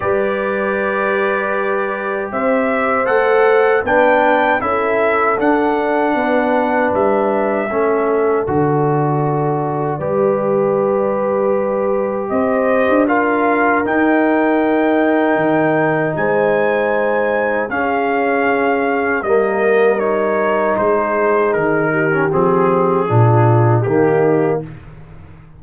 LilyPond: <<
  \new Staff \with { instrumentName = "trumpet" } { \time 4/4 \tempo 4 = 78 d''2. e''4 | fis''4 g''4 e''4 fis''4~ | fis''4 e''2 d''4~ | d''1 |
dis''4 f''4 g''2~ | g''4 gis''2 f''4~ | f''4 dis''4 cis''4 c''4 | ais'4 gis'2 g'4 | }
  \new Staff \with { instrumentName = "horn" } { \time 4/4 b'2. c''4~ | c''4 b'4 a'2 | b'2 a'2~ | a'4 b'2. |
c''4 ais'2.~ | ais'4 c''2 gis'4~ | gis'4 ais'2 gis'4~ | gis'8 g'4. f'4 dis'4 | }
  \new Staff \with { instrumentName = "trombone" } { \time 4/4 g'1 | a'4 d'4 e'4 d'4~ | d'2 cis'4 fis'4~ | fis'4 g'2.~ |
g'4 f'4 dis'2~ | dis'2. cis'4~ | cis'4 ais4 dis'2~ | dis'8. cis'16 c'4 d'4 ais4 | }
  \new Staff \with { instrumentName = "tuba" } { \time 4/4 g2. c'4 | a4 b4 cis'4 d'4 | b4 g4 a4 d4~ | d4 g2. |
c'8. d'4~ d'16 dis'2 | dis4 gis2 cis'4~ | cis'4 g2 gis4 | dis4 f4 ais,4 dis4 | }
>>